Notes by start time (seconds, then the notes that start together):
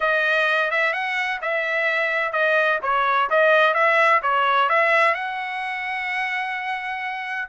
0.00 D#5
0.70 E5
0.93 F#5
1.41 E5
2.32 D#5
2.82 C#5
3.30 D#5
3.74 E5
4.22 C#5
4.69 E5
5.14 F#5